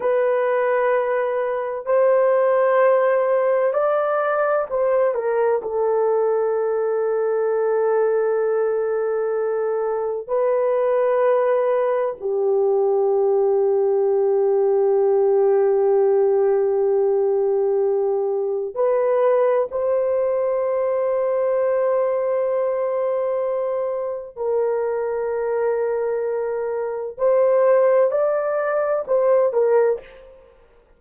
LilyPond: \new Staff \with { instrumentName = "horn" } { \time 4/4 \tempo 4 = 64 b'2 c''2 | d''4 c''8 ais'8 a'2~ | a'2. b'4~ | b'4 g'2.~ |
g'1 | b'4 c''2.~ | c''2 ais'2~ | ais'4 c''4 d''4 c''8 ais'8 | }